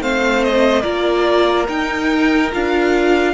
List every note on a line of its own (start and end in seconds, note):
0.00 0.83 A3
0.00 0.83 C4
0.00 0.82 C5
0.00 0.43 F5
0.43 0.82 D#5
0.82 1.68 A#3
0.82 1.66 F4
0.82 3.32 A#4
0.82 1.65 D5
1.68 2.51 D#4
1.68 2.52 D#4
1.68 2.51 G5
2.52 3.34 D4
2.52 3.34 F4
2.52 3.34 F5